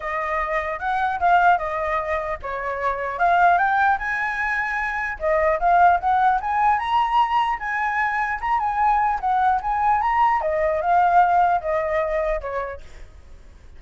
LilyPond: \new Staff \with { instrumentName = "flute" } { \time 4/4 \tempo 4 = 150 dis''2 fis''4 f''4 | dis''2 cis''2 | f''4 g''4 gis''2~ | gis''4 dis''4 f''4 fis''4 |
gis''4 ais''2 gis''4~ | gis''4 ais''8 gis''4. fis''4 | gis''4 ais''4 dis''4 f''4~ | f''4 dis''2 cis''4 | }